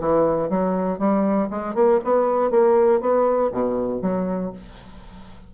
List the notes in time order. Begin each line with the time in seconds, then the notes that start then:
0.00 E3
0.50 F#3
0.99 G3
1.50 G#3
1.75 A#3
2.04 B3
2.50 A#3
3.01 B3
3.52 B2
4.02 F#3